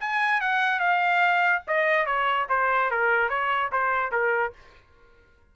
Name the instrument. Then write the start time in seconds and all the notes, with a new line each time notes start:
trumpet
0.00 G#5
0.41 F#5
0.80 F5
1.67 D#5
2.06 C#5
2.49 C5
2.91 A#4
3.29 C#5
3.72 C5
4.12 A#4